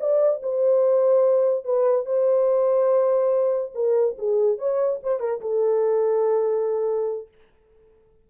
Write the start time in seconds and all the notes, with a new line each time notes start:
0.00 D5
0.43 C5
1.65 B4
2.06 C5
3.75 A#4
4.19 G#4
4.59 C#5
5.04 C5
5.20 A#4
5.41 A4